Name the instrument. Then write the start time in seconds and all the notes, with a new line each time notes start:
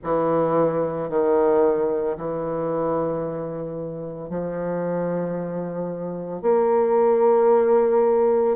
bassoon
0.03 E3
1.09 D#3
2.17 E3
4.29 F3
6.41 A#3